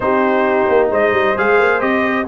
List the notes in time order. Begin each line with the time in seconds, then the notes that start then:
0.00 C4 D#4 G4 C5
0.68 A#3
0.91 G#3 C5 D#5
1.12 G3
1.36 G#3 G#4 F5
1.59 A#3
1.79 C4 G4 D#5